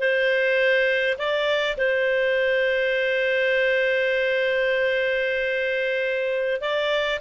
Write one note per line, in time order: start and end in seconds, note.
0.00 1.18 C5
1.18 1.77 D5
1.78 6.61 C5
6.61 7.20 D5